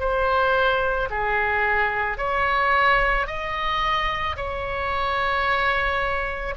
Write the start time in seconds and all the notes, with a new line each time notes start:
0.00 C5
1.11 G#4
2.18 C#5
3.27 D#5
4.36 C#5